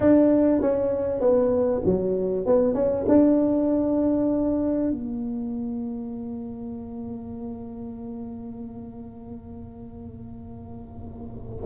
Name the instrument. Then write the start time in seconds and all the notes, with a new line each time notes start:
tuba
0.00 D4
0.61 C#4
1.20 B3
1.85 F#3
2.45 B3
2.74 C#4
3.08 D4
4.91 A#3